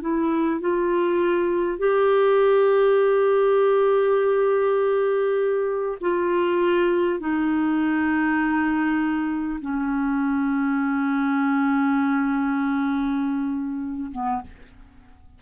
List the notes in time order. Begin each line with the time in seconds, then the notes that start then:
0.00 E4
0.60 F4
1.78 G4
6.00 F4
7.19 D#4
9.61 C#4
14.11 B3